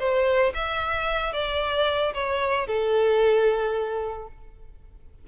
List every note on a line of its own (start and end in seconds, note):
0.00 0.54 C5
0.55 1.33 E5
1.33 2.14 D5
2.14 2.67 C#5
2.67 4.28 A4